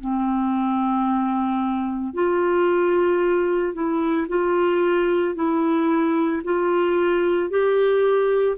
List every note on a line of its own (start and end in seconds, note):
0.00 2.14 C4
2.14 3.74 F4
3.74 4.27 E4
4.28 5.35 F4
5.35 6.42 E4
6.44 7.50 F4
7.50 8.57 G4